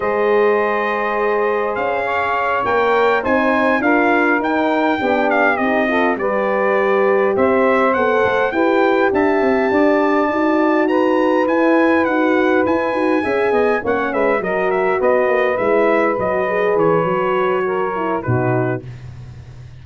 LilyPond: <<
  \new Staff \with { instrumentName = "trumpet" } { \time 4/4 \tempo 4 = 102 dis''2. f''4~ | f''8 g''4 gis''4 f''4 g''8~ | g''4 f''8 dis''4 d''4.~ | d''8 e''4 fis''4 g''4 a''8~ |
a''2~ a''8 ais''4 gis''8~ | gis''8 fis''4 gis''2 fis''8 | e''8 dis''8 e''8 dis''4 e''4 dis''8~ | dis''8 cis''2~ cis''8 b'4 | }
  \new Staff \with { instrumentName = "saxophone" } { \time 4/4 c''2.~ c''8 cis''8~ | cis''4. c''4 ais'4.~ | ais'8 g'4. a'8 b'4.~ | b'8 c''2 b'4 e''8~ |
e''8 d''2 b'4.~ | b'2~ b'8 e''8 dis''8 cis''8 | b'8 ais'4 b'2~ b'8~ | b'2 ais'4 fis'4 | }
  \new Staff \with { instrumentName = "horn" } { \time 4/4 gis'1~ | gis'8 ais'4 dis'4 f'4 dis'8~ | dis'8 d'4 dis'8 f'8 g'4.~ | g'4. a'4 g'4.~ |
g'4. fis'2 e'8~ | e'8 fis'4 e'8 fis'8 gis'4 cis'8~ | cis'8 fis'2 e'4 fis'8 | gis'4 fis'4. e'8 dis'4 | }
  \new Staff \with { instrumentName = "tuba" } { \time 4/4 gis2. cis'4~ | cis'8 ais4 c'4 d'4 dis'8~ | dis'8 b4 c'4 g4.~ | g8 c'4 b8 a8 e'4 d'8 |
c'8 d'4 dis'2 e'8~ | e'8 dis'4 e'8 dis'8 cis'8 b8 ais8 | gis8 fis4 b8 ais8 gis4 fis8~ | fis8 e8 fis2 b,4 | }
>>